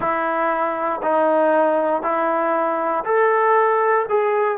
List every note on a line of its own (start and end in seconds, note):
0.00 1.01 E4
1.02 2.02 D#4
2.02 3.04 E4
3.04 4.05 A4
4.09 4.58 G#4